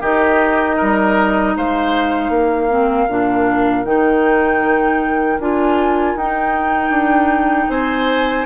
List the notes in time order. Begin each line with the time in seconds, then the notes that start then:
0.00 D#3 D#4 G4 D#5
0.76 G3 A#4
1.55 G#3 C5 F5
2.29 A#3 A#4
2.69 C4
3.08 A#2 D4
3.85 D#3 D#4 G5
5.39 D4 F4 G#5
6.15 D#4 G5
6.89 D4
7.69 C4 C5 G#5